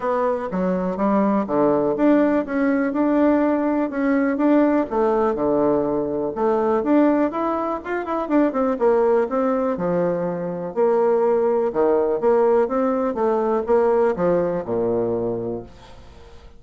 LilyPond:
\new Staff \with { instrumentName = "bassoon" } { \time 4/4 \tempo 4 = 123 b4 fis4 g4 d4 | d'4 cis'4 d'2 | cis'4 d'4 a4 d4~ | d4 a4 d'4 e'4 |
f'8 e'8 d'8 c'8 ais4 c'4 | f2 ais2 | dis4 ais4 c'4 a4 | ais4 f4 ais,2 | }